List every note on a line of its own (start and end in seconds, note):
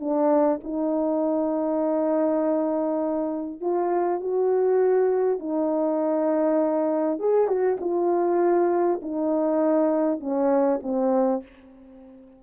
0.00 0.60 D4
0.64 3.61 D#4
3.61 4.20 F4
4.20 5.39 F#4
5.39 7.19 D#4
7.19 7.47 G#4
7.47 7.77 F#4
7.80 9.00 F4
9.02 10.20 D#4
10.20 10.80 C#4
10.82 11.42 C4